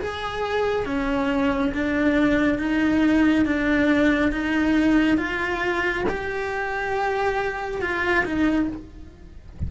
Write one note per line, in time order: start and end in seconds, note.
0.00 0.85 G#4
0.85 1.72 C#4
1.73 2.58 D4
2.58 3.45 D#4
3.45 4.32 D4
4.32 5.17 D#4
5.17 6.04 F4
6.08 7.81 G4
7.81 8.24 F4
8.25 8.68 D#4